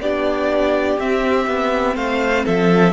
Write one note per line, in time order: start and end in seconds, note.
0.00 0.98 B3
0.00 0.99 D4
0.00 1.96 G4
0.00 1.00 D5
0.99 2.93 C4
0.99 1.47 C4
0.99 1.97 E5
1.47 1.96 B3
1.96 2.45 A3
1.96 2.45 C5
1.96 2.46 F5
2.45 2.93 F3
2.45 2.93 A4
2.45 2.93 E5